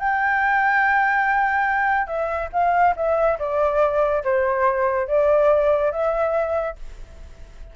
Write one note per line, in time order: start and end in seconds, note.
0.00 2.07 G5
2.07 2.50 E5
2.53 2.95 F5
2.97 3.39 E5
3.40 4.24 D5
4.24 5.08 C5
5.08 5.92 D5
5.92 6.76 E5